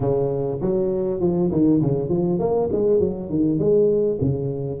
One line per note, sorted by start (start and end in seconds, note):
0.00 0.60 C#3
0.61 1.20 F#3
1.20 1.50 F3
1.51 1.81 D#3
1.81 2.09 C#3
2.09 2.39 F3
2.39 2.69 A#3
2.72 2.99 G#3
2.99 3.29 F#3
3.29 3.58 D#3
3.58 4.18 G#3
4.20 4.80 C#3